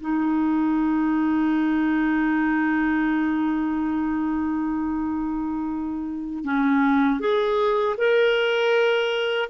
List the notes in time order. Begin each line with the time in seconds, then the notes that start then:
0.00 D#4
6.44 C#4
7.20 G#4
7.97 A#4